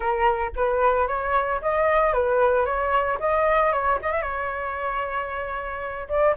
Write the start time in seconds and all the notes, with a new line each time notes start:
0.00 A#4
0.56 B4
1.07 C#5
1.61 D#5
2.13 B4
2.65 C#5
3.19 D#5
3.72 C#5
4.02 D#5
4.12 E5
4.22 C#5
6.08 D5